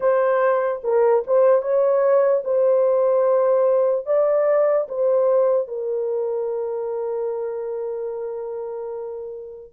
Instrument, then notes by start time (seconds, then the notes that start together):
horn
0.00 C5
0.83 A#4
1.26 C5
1.61 C#5
2.44 C5
4.05 D5
4.88 C5
5.67 A#4